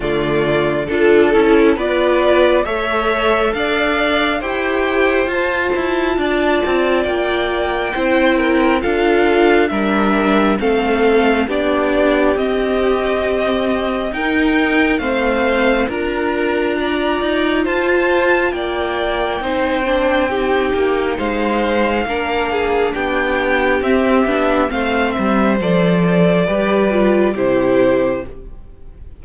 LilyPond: <<
  \new Staff \with { instrumentName = "violin" } { \time 4/4 \tempo 4 = 68 d''4 a'4 d''4 e''4 | f''4 g''4 a''2 | g''2 f''4 e''4 | f''4 d''4 dis''2 |
g''4 f''4 ais''2 | a''4 g''2. | f''2 g''4 e''4 | f''8 e''8 d''2 c''4 | }
  \new Staff \with { instrumentName = "violin" } { \time 4/4 f'4 a'4 b'4 cis''4 | d''4 c''2 d''4~ | d''4 c''8 ais'8 a'4 ais'4 | a'4 g'2. |
ais'4 c''4 ais'4 d''4 | c''4 d''4 c''4 g'4 | c''4 ais'8 gis'8 g'2 | c''2 b'4 g'4 | }
  \new Staff \with { instrumentName = "viola" } { \time 4/4 a4 f'8 e'8 f'4 a'4~ | a'4 g'4 f'2~ | f'4 e'4 f'4 d'4 | c'4 d'4 c'2 |
dis'4 c'4 f'2~ | f'2 dis'8 d'8 dis'4~ | dis'4 d'2 c'8 d'8 | c'4 a'4 g'8 f'8 e'4 | }
  \new Staff \with { instrumentName = "cello" } { \time 4/4 d4 d'8 cis'8 b4 a4 | d'4 e'4 f'8 e'8 d'8 c'8 | ais4 c'4 d'4 g4 | a4 b4 c'2 |
dis'4 a4 d'4. dis'8 | f'4 ais4 c'4. ais8 | gis4 ais4 b4 c'8 b8 | a8 g8 f4 g4 c4 | }
>>